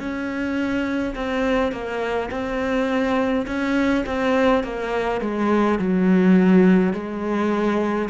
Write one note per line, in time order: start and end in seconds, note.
0.00 1.15 C#4
1.16 1.73 C4
1.73 2.30 A#3
2.31 3.47 C4
3.47 4.05 C#4
4.06 4.64 C4
4.64 5.21 A#3
5.21 5.79 G#3
5.79 6.94 F#3
6.94 8.09 G#3